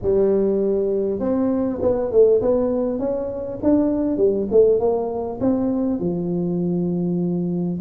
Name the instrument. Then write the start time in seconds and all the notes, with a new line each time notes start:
tuba
0.01 G3
1.19 C4
1.81 B3
2.11 A3
2.41 B3
2.99 C#4
3.62 D4
4.17 G3
4.51 A3
4.79 A#3
5.40 C4
5.99 F3